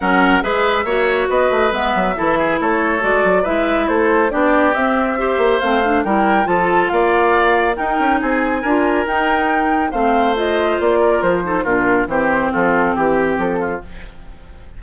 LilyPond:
<<
  \new Staff \with { instrumentName = "flute" } { \time 4/4 \tempo 4 = 139 fis''4 e''2 dis''4 | e''2 cis''4 d''4 | e''4 c''4 d''4 e''4~ | e''4 f''4 g''4 a''4 |
f''2 g''4 gis''4~ | gis''4 g''2 f''4 | dis''4 d''4 c''4 ais'4 | c''4 a'4 g'4 a'4 | }
  \new Staff \with { instrumentName = "oboe" } { \time 4/4 ais'4 b'4 cis''4 b'4~ | b'4 a'8 gis'8 a'2 | b'4 a'4 g'2 | c''2 ais'4 a'4 |
d''2 ais'4 gis'4 | ais'2. c''4~ | c''4. ais'4 a'8 f'4 | g'4 f'4 g'4. f'8 | }
  \new Staff \with { instrumentName = "clarinet" } { \time 4/4 cis'4 gis'4 fis'2 | b4 e'2 fis'4 | e'2 d'4 c'4 | g'4 c'8 d'8 e'4 f'4~ |
f'2 dis'2 | f'4 dis'2 c'4 | f'2~ f'8 dis'8 d'4 | c'1 | }
  \new Staff \with { instrumentName = "bassoon" } { \time 4/4 fis4 gis4 ais4 b8 a8 | gis8 fis8 e4 a4 gis8 fis8 | gis4 a4 b4 c'4~ | c'8 ais8 a4 g4 f4 |
ais2 dis'8 cis'8 c'4 | d'4 dis'2 a4~ | a4 ais4 f4 ais,4 | e4 f4 e4 f4 | }
>>